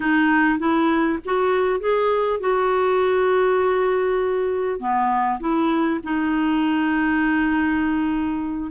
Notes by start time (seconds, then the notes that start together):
0.00 D#4
0.58 E4
1.25 F#4
1.80 G#4
2.39 F#4
4.79 B3
5.40 E4
6.03 D#4